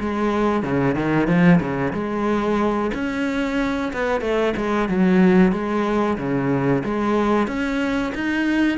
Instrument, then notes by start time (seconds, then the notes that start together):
cello
0.00 G#3
0.63 C#3
0.95 D#3
1.27 F3
1.60 C#3
1.93 G#3
2.94 C#4
3.93 B3
4.21 A3
4.57 G#3
4.89 F#3
5.53 G#3
6.18 C#3
6.85 G#3
7.47 C#4
8.15 D#4